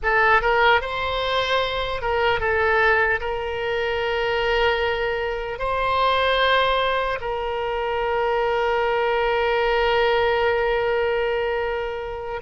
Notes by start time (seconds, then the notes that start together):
0.03 A4
0.41 A#4
0.81 C5
2.01 A#4
2.40 A4
3.20 A#4
5.58 C5
7.20 A#4